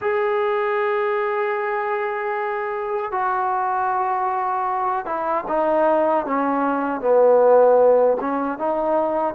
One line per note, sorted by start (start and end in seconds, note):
0.01 3.11 G#4
3.11 5.05 F#4
5.05 5.44 E4
5.48 6.26 D#4
6.26 7.00 C#4
7.00 8.17 B3
8.20 8.58 C#4
8.58 9.34 D#4